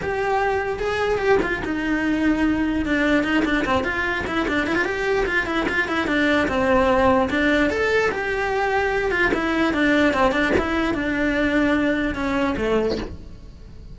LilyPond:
\new Staff \with { instrumentName = "cello" } { \time 4/4 \tempo 4 = 148 g'2 gis'4 g'8 f'8 | dis'2. d'4 | dis'8 d'8 c'8 f'4 e'8 d'8 e'16 f'16 | g'4 f'8 e'8 f'8 e'8 d'4 |
c'2 d'4 a'4 | g'2~ g'8 f'8 e'4 | d'4 c'8 d'8 e'4 d'4~ | d'2 cis'4 a4 | }